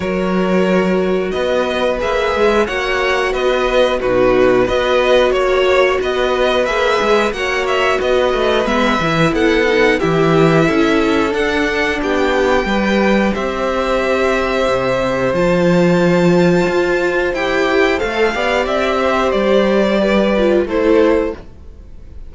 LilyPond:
<<
  \new Staff \with { instrumentName = "violin" } { \time 4/4 \tempo 4 = 90 cis''2 dis''4 e''4 | fis''4 dis''4 b'4 dis''4 | cis''4 dis''4 e''4 fis''8 e''8 | dis''4 e''4 fis''4 e''4~ |
e''4 fis''4 g''2 | e''2. a''4~ | a''2 g''4 f''4 | e''4 d''2 c''4 | }
  \new Staff \with { instrumentName = "violin" } { \time 4/4 ais'2 b'2 | cis''4 b'4 fis'4 b'4 | cis''4 b'2 cis''4 | b'2 a'4 g'4 |
a'2 g'4 b'4 | c''1~ | c''2.~ c''8 d''8~ | d''8 c''4. b'4 a'4 | }
  \new Staff \with { instrumentName = "viola" } { \time 4/4 fis'2. gis'4 | fis'2 dis'4 fis'4~ | fis'2 gis'4 fis'4~ | fis'4 b8 e'4 dis'8 e'4~ |
e'4 d'2 g'4~ | g'2. f'4~ | f'2 g'4 a'8 g'8~ | g'2~ g'8 f'8 e'4 | }
  \new Staff \with { instrumentName = "cello" } { \time 4/4 fis2 b4 ais8 gis8 | ais4 b4 b,4 b4 | ais4 b4 ais8 gis8 ais4 | b8 a8 gis8 e8 b4 e4 |
cis'4 d'4 b4 g4 | c'2 c4 f4~ | f4 f'4 e'4 a8 b8 | c'4 g2 a4 | }
>>